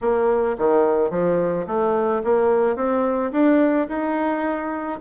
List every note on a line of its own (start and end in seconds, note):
0.01 0.56 A#3
0.58 1.10 D#3
1.10 1.65 F3
1.66 2.22 A3
2.24 2.76 A#3
2.76 3.31 C4
3.32 3.87 D4
3.88 4.99 D#4